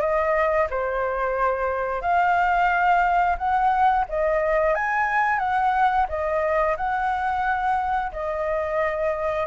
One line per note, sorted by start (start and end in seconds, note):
0.00 0.67 D#5
0.70 2.01 C5
2.01 3.36 F5
3.38 4.05 F#5
4.09 4.75 D#5
4.75 5.39 G#5
5.39 6.06 F#5
6.09 6.76 D#5
6.77 8.11 F#5
8.12 9.47 D#5